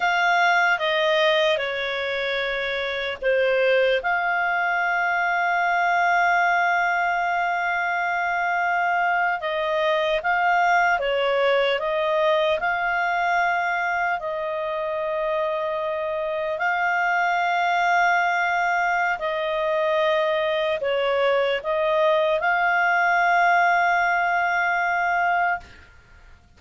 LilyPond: \new Staff \with { instrumentName = "clarinet" } { \time 4/4 \tempo 4 = 75 f''4 dis''4 cis''2 | c''4 f''2.~ | f''2.~ f''8. dis''16~ | dis''8. f''4 cis''4 dis''4 f''16~ |
f''4.~ f''16 dis''2~ dis''16~ | dis''8. f''2.~ f''16 | dis''2 cis''4 dis''4 | f''1 | }